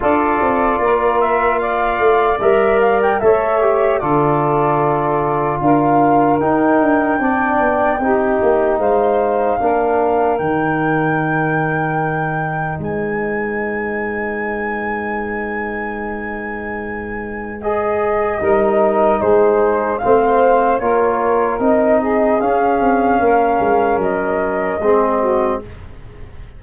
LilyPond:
<<
  \new Staff \with { instrumentName = "flute" } { \time 4/4 \tempo 4 = 75 d''4. e''8 f''4 e''8 f''16 g''16 | e''4 d''2 f''4 | g''2. f''4~ | f''4 g''2. |
gis''1~ | gis''2 dis''2 | c''4 f''4 cis''4 dis''4 | f''2 dis''2 | }
  \new Staff \with { instrumentName = "saxophone" } { \time 4/4 a'4 ais'4 d''2 | cis''4 a'2 ais'4~ | ais'4 d''4 g'4 c''4 | ais'1 |
b'1~ | b'2. ais'4 | gis'4 c''4 ais'4. gis'8~ | gis'4 ais'2 gis'8 fis'8 | }
  \new Staff \with { instrumentName = "trombone" } { \time 4/4 f'2. ais'4 | a'8 g'8 f'2. | dis'4 d'4 dis'2 | d'4 dis'2.~ |
dis'1~ | dis'2 gis'4 dis'4~ | dis'4 c'4 f'4 dis'4 | cis'2. c'4 | }
  \new Staff \with { instrumentName = "tuba" } { \time 4/4 d'8 c'8 ais4. a8 g4 | a4 d2 d'4 | dis'8 d'8 c'8 b8 c'8 ais8 gis4 | ais4 dis2. |
gis1~ | gis2. g4 | gis4 a4 ais4 c'4 | cis'8 c'8 ais8 gis8 fis4 gis4 | }
>>